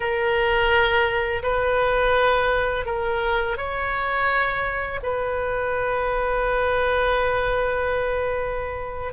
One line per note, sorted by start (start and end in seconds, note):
0.00 1.42 A#4
1.43 2.85 B4
2.85 3.57 A#4
3.57 5.00 C#5
5.02 9.13 B4